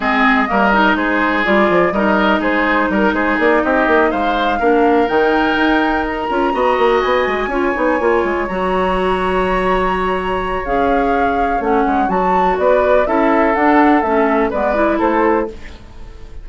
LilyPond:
<<
  \new Staff \with { instrumentName = "flute" } { \time 4/4 \tempo 4 = 124 dis''2 c''4 d''4 | dis''4 c''4 ais'8 c''8 d''8 dis''8~ | dis''8 f''2 g''4.~ | g''8 ais''2 gis''4.~ |
gis''4. ais''2~ ais''8~ | ais''2 f''2 | fis''4 a''4 d''4 e''4 | fis''4 e''4 d''4 c''4 | }
  \new Staff \with { instrumentName = "oboe" } { \time 4/4 gis'4 ais'4 gis'2 | ais'4 gis'4 ais'8 gis'4 g'8~ | g'8 c''4 ais'2~ ais'8~ | ais'4. dis''2 cis''8~ |
cis''1~ | cis''1~ | cis''2 b'4 a'4~ | a'2 b'4 a'4 | }
  \new Staff \with { instrumentName = "clarinet" } { \time 4/4 c'4 ais8 dis'4. f'4 | dis'1~ | dis'4. d'4 dis'4.~ | dis'4 f'8 fis'2 f'8 |
dis'8 f'4 fis'2~ fis'8~ | fis'2 gis'2 | cis'4 fis'2 e'4 | d'4 cis'4 b8 e'4. | }
  \new Staff \with { instrumentName = "bassoon" } { \time 4/4 gis4 g4 gis4 g8 f8 | g4 gis4 g8 gis8 ais8 c'8 | ais8 gis4 ais4 dis4 dis'8~ | dis'4 cis'8 b8 ais8 b8 gis8 cis'8 |
b8 ais8 gis8 fis2~ fis8~ | fis2 cis'2 | a8 gis8 fis4 b4 cis'4 | d'4 a4 gis4 a4 | }
>>